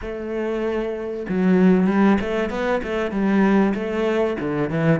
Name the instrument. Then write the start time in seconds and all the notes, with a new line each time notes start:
cello
0.01 A3
1.28 F#3
1.86 G3
2.20 A3
2.49 B3
2.83 A3
3.11 G3
3.74 A3
4.39 D3
4.69 E3